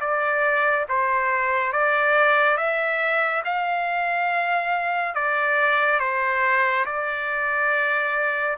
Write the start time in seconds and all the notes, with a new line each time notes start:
0.00 D5
0.88 C5
1.72 D5
2.57 E5
3.45 F5
5.15 D5
5.99 C5
6.85 D5